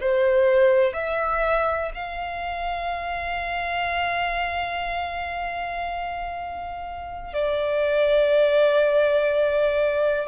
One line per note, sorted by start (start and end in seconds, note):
0.00 0.93 C5
0.93 1.91 E5
1.94 7.33 F5
7.33 10.28 D5